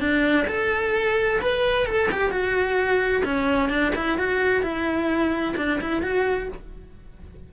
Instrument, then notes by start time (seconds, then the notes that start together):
cello
0.00 D4
0.48 A4
1.41 B4
1.86 A4
2.12 G4
2.31 F#4
3.25 C#4
3.69 D4
3.95 E4
4.18 F#4
4.63 E4
5.57 D4
5.81 E4
6.03 F#4